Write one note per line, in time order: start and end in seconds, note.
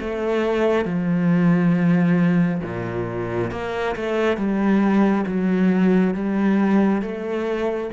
0.00 0.85 A3
0.85 2.62 F3
2.64 3.52 A#2
3.52 3.96 A#3
3.96 4.38 A3
4.38 5.26 G3
5.27 6.15 F#3
6.15 7.02 G3
7.02 7.91 A3